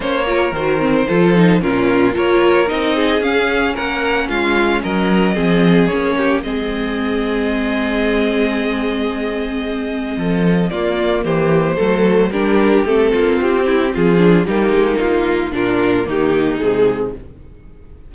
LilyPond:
<<
  \new Staff \with { instrumentName = "violin" } { \time 4/4 \tempo 4 = 112 cis''4 c''2 ais'4 | cis''4 dis''4 f''4 fis''4 | f''4 dis''2 cis''4 | dis''1~ |
dis''1 | d''4 c''2 ais'4 | a'4 g'4 gis'4 g'4 | f'4 ais'4 g'4 gis'4 | }
  \new Staff \with { instrumentName = "violin" } { \time 4/4 c''8 ais'4. a'4 f'4 | ais'4. gis'4. ais'4 | f'4 ais'4 gis'4. g'8 | gis'1~ |
gis'2. a'4 | f'4 g'4 a'4 g'4~ | g'8 f'4 e'8 f'4 ais4~ | ais4 f'4 dis'2 | }
  \new Staff \with { instrumentName = "viola" } { \time 4/4 cis'8 f'8 fis'8 c'8 f'8 dis'8 cis'4 | f'4 dis'4 cis'2~ | cis'2 c'4 cis'4 | c'1~ |
c'1 | ais2 a4 d'4 | c'2~ c'8 d'8 dis'4~ | dis'4 d'4 ais4 gis4 | }
  \new Staff \with { instrumentName = "cello" } { \time 4/4 ais4 dis4 f4 ais,4 | ais4 c'4 cis'4 ais4 | gis4 fis4 f4 ais4 | gis1~ |
gis2. f4 | ais4 e4 fis4 g4 | a8 ais8 c'4 f4 g8 gis8 | ais4 ais,4 dis4 c4 | }
>>